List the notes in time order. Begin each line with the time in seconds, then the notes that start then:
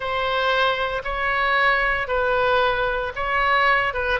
0.00 C5
1.04 C#5
2.07 B4
3.15 C#5
3.93 B4